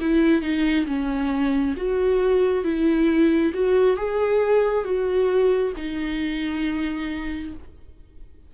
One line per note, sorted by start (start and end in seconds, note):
0.00 0.41 E4
0.41 0.86 D#4
0.86 1.74 C#4
1.76 2.64 F#4
2.64 3.52 E4
3.54 3.97 F#4
3.97 4.84 G#4
4.84 5.73 F#4
5.77 7.53 D#4